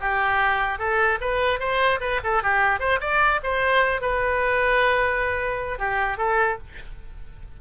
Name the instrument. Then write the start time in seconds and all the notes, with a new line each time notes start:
oboe
0.00 G4
0.79 A4
1.21 B4
1.59 C5
2.00 B4
2.23 A4
2.43 G4
2.79 C5
3.00 D5
3.43 C5
4.01 B4
5.79 G4
6.17 A4